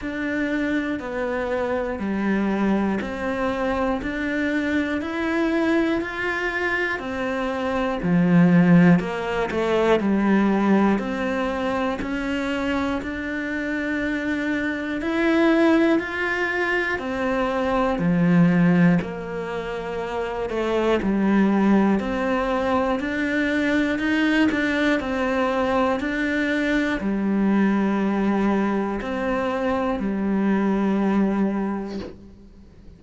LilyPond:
\new Staff \with { instrumentName = "cello" } { \time 4/4 \tempo 4 = 60 d'4 b4 g4 c'4 | d'4 e'4 f'4 c'4 | f4 ais8 a8 g4 c'4 | cis'4 d'2 e'4 |
f'4 c'4 f4 ais4~ | ais8 a8 g4 c'4 d'4 | dis'8 d'8 c'4 d'4 g4~ | g4 c'4 g2 | }